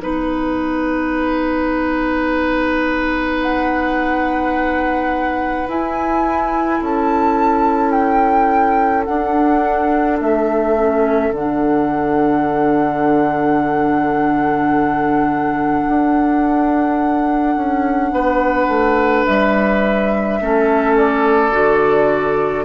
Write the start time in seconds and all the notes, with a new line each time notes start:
0.00 B3 D#4 B4
3.42 F#5
5.68 E4 G#5
6.79 C#4 A4 A5
7.91 G5
9.04 D4 F#5
10.20 A3 E5
10.76 C#4
11.30 D3 F#5
11.37 D4
15.88 D4
17.56 C#4
18.12 B3 B4
18.68 A3
19.26 G3 E5
20.41 A3 C#4 A4
20.97 D5
21.52 D3 F#4